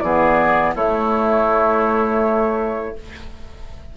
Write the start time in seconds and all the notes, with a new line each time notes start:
0.00 E3 B3 G#4 D5
0.75 A3 E4 C#5